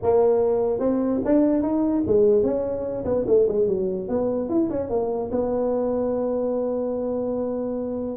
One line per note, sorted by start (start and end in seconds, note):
0.02 0.79 A#3
0.79 1.20 C4
1.24 1.62 D4
1.62 2.03 D#4
2.06 2.43 G#3
2.43 3.04 C#4
3.05 3.25 B3
3.27 3.47 A3
3.47 3.67 G#3
3.67 4.08 F#3
4.08 4.49 B3
4.49 4.69 E4
4.70 4.89 C#4
4.89 5.30 A#3
5.31 8.17 B3